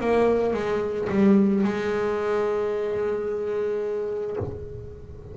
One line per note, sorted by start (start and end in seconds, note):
0.00 0.54 A#3
0.54 1.08 G#3
1.10 1.64 G3
1.64 4.37 G#3